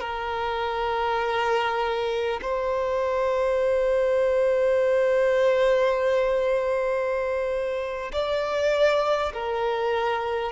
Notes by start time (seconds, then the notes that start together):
0.00 A#4
2.42 C5
8.12 D5
9.33 A#4